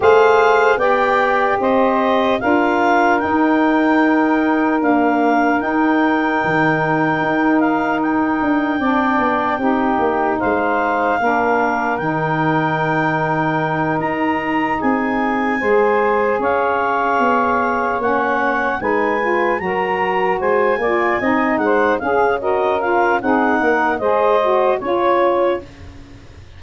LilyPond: <<
  \new Staff \with { instrumentName = "clarinet" } { \time 4/4 \tempo 4 = 75 f''4 g''4 dis''4 f''4 | g''2 f''4 g''4~ | g''4. f''8 g''2~ | g''4 f''2 g''4~ |
g''4. ais''4 gis''4.~ | gis''8 f''2 fis''4 gis''8~ | gis''8 ais''4 gis''4. fis''8 f''8 | dis''8 f''8 fis''4 dis''4 cis''4 | }
  \new Staff \with { instrumentName = "saxophone" } { \time 4/4 c''4 d''4 c''4 ais'4~ | ais'1~ | ais'2. d''4 | g'4 c''4 ais'2~ |
ais'2~ ais'8 gis'4 c''8~ | c''8 cis''2. b'8~ | b'8 ais'4 c''8 d''8 dis''8 c''8 gis'8 | ais'4 gis'8 ais'8 c''4 cis''4 | }
  \new Staff \with { instrumentName = "saxophone" } { \time 4/4 gis'4 g'2 f'4 | dis'2 ais4 dis'4~ | dis'2. d'4 | dis'2 d'4 dis'4~ |
dis'2.~ dis'8 gis'8~ | gis'2~ gis'8 cis'4 dis'8 | f'8 fis'4. f'8 dis'4 gis'8 | fis'8 f'8 dis'4 gis'8 fis'8 f'4 | }
  \new Staff \with { instrumentName = "tuba" } { \time 4/4 a4 b4 c'4 d'4 | dis'2 d'4 dis'4 | dis4 dis'4. d'8 c'8 b8 | c'8 ais8 gis4 ais4 dis4~ |
dis4. dis'4 c'4 gis8~ | gis8 cis'4 b4 ais4 gis8~ | gis8 fis4 gis8 ais8 c'8 gis8 cis'8~ | cis'4 c'8 ais8 gis4 cis'4 | }
>>